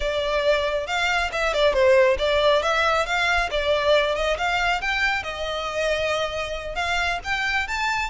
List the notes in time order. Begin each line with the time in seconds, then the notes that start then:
0.00 D5
0.86 F5
1.31 E5
1.53 D5
1.73 C5
2.18 D5
2.62 E5
3.06 F5
3.50 D5
4.15 D#5
4.37 F5
4.81 G5
5.23 D#5
6.75 F5
7.23 G5
7.67 A5